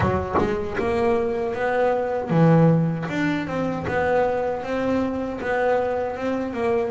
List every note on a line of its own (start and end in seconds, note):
0.00 0.35 F#3
0.38 0.76 G#3
0.77 1.54 A#3
1.54 2.29 B3
2.29 3.06 E3
3.09 3.47 D4
3.47 3.85 C4
3.87 4.63 B3
4.63 5.40 C4
5.41 6.16 B3
6.16 6.53 C4
6.53 6.91 A#3